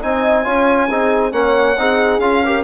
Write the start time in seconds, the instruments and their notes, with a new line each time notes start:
0.00 bassoon C4, trombone D#4, horn D#5, violin G#5
0.44 bassoon C#4, trombone F4, horn C#5
0.89 bassoon C4, trombone D#4, horn G#4
1.32 bassoon A#3, trombone C#4, horn C#5, violin F#5
1.77 bassoon C4, trombone D#4, horn G#4
2.19 bassoon C#4, trombone F4, violin F5
2.46 trombone G4, horn A#4